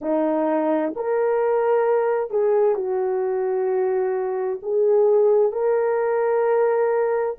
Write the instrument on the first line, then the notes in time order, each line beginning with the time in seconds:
horn
0.01 D#4
0.95 A#4
2.30 G#4
2.75 F#4
4.62 G#4
5.51 A#4